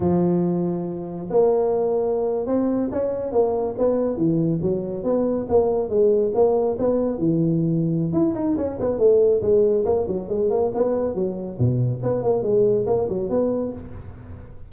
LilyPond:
\new Staff \with { instrumentName = "tuba" } { \time 4/4 \tempo 4 = 140 f2. ais4~ | ais4.~ ais16 c'4 cis'4 ais16~ | ais8. b4 e4 fis4 b16~ | b8. ais4 gis4 ais4 b16~ |
b8. e2~ e16 e'8 dis'8 | cis'8 b8 a4 gis4 ais8 fis8 | gis8 ais8 b4 fis4 b,4 | b8 ais8 gis4 ais8 fis8 b4 | }